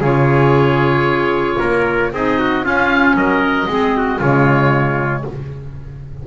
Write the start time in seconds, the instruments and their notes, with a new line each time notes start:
0.00 double bass C#3, clarinet F4, trumpet G#4, oboe C#5
1.58 double bass A#3, trumpet A#4
2.12 double bass C4, clarinet D#4, trumpet G#4, oboe D#5
2.38 trumpet F#4
2.63 clarinet C#4, double bass C#4, trumpet F4, oboe F5
3.14 double bass F#3, trumpet A#4, oboe D#5
3.67 double bass G#3, clarinet C4, trumpet G#4
3.97 trumpet F#4
4.19 double bass C#3, clarinet G#3, trumpet F4, oboe C#5